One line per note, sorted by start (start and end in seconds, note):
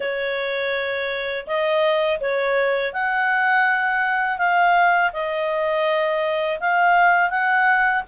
0.00 1.46 C#5
1.46 2.20 D#5
2.20 2.93 C#5
2.93 4.37 F#5
4.37 5.11 F5
5.12 6.59 D#5
6.60 7.30 F5
7.30 8.03 F#5